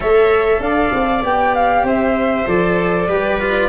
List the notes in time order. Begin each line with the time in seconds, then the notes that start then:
0.00 A3 A4 C#5 E5
0.60 D4 D5 F5
0.93 C4
1.22 B3 G4 G5
1.54 F5
1.83 C4 C5 E5
2.47 F3 A4 D5
3.08 G3 G4 B4
3.40 F4